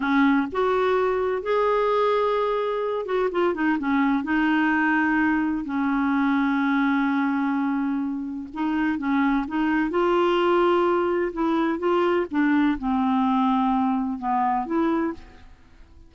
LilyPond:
\new Staff \with { instrumentName = "clarinet" } { \time 4/4 \tempo 4 = 127 cis'4 fis'2 gis'4~ | gis'2~ gis'8 fis'8 f'8 dis'8 | cis'4 dis'2. | cis'1~ |
cis'2 dis'4 cis'4 | dis'4 f'2. | e'4 f'4 d'4 c'4~ | c'2 b4 e'4 | }